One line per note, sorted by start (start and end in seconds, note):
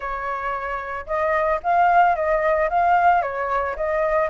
0.00 1.05 C#5
1.06 1.59 D#5
1.63 2.15 F5
2.15 2.69 D#5
2.69 3.22 F5
3.22 3.75 C#5
3.76 4.29 D#5